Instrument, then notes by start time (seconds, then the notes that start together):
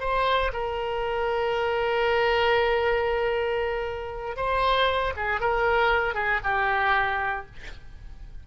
oboe
0.00 C5
0.52 A#4
4.36 C5
5.16 G#4
5.40 A#4
6.14 G#4
6.43 G4